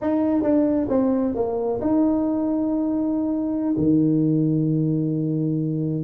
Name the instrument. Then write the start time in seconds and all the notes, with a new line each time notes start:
tuba
0.01 D#4
0.42 D4
0.89 C4
1.35 A#3
1.81 D#4
3.77 D#3